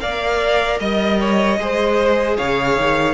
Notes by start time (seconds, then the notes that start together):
0.00 A#3 A#4 D5 F5
0.79 G3 D#5
1.20 C#5
1.58 G#3 G#4 C5
2.37 C#3 C#5 F5
2.76 D#3